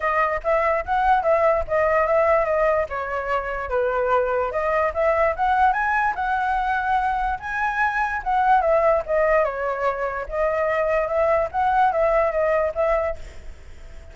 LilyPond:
\new Staff \with { instrumentName = "flute" } { \time 4/4 \tempo 4 = 146 dis''4 e''4 fis''4 e''4 | dis''4 e''4 dis''4 cis''4~ | cis''4 b'2 dis''4 | e''4 fis''4 gis''4 fis''4~ |
fis''2 gis''2 | fis''4 e''4 dis''4 cis''4~ | cis''4 dis''2 e''4 | fis''4 e''4 dis''4 e''4 | }